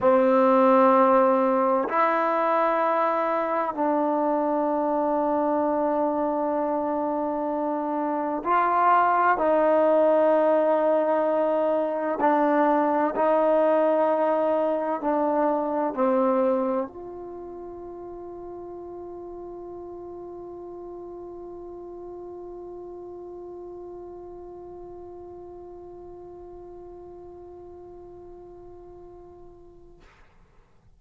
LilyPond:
\new Staff \with { instrumentName = "trombone" } { \time 4/4 \tempo 4 = 64 c'2 e'2 | d'1~ | d'4 f'4 dis'2~ | dis'4 d'4 dis'2 |
d'4 c'4 f'2~ | f'1~ | f'1~ | f'1 | }